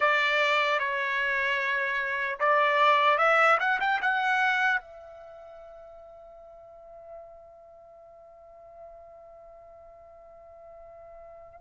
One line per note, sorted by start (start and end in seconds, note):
0.00 0.79 D5
0.79 2.39 C#5
2.39 3.18 D5
3.18 3.58 E5
3.59 3.79 F#5
3.80 4.00 G5
4.01 4.80 F#5
4.80 11.60 E5